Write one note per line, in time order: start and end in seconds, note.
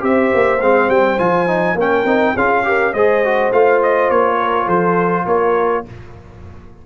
0.00 0.32 C4
0.00 0.58 G4
0.00 1.77 C5
0.00 0.61 E5
0.34 0.61 A#3
0.61 0.89 G#3
0.61 1.18 C4
0.61 0.90 F5
0.89 1.18 G3
0.89 1.19 G5
1.18 1.74 F3
1.18 1.47 F4
1.18 1.78 G#5
1.47 1.76 D#4
1.74 2.03 A#3
1.74 2.06 C#4
1.74 2.34 A#4
1.74 2.37 G5
2.05 2.34 C4
2.05 2.35 D#4
2.34 2.94 C#4
2.34 2.64 F4
2.34 2.63 G#4
2.34 2.94 F5
2.64 2.93 G4
2.64 2.93 A#4
2.93 3.52 G#3
2.93 3.25 G#4
2.93 4.37 C5
2.93 3.52 D#5
3.25 3.53 F#4
3.52 4.10 A3
3.52 5.86 F4
3.52 3.82 F5
3.83 4.11 D#5
4.11 4.67 A#3
4.11 4.68 C#5
4.37 4.66 A#4
4.66 5.26 F3
4.66 5.24 A4
4.66 5.27 C5
5.26 5.84 A#3
5.26 5.86 A#4
5.26 5.85 C#5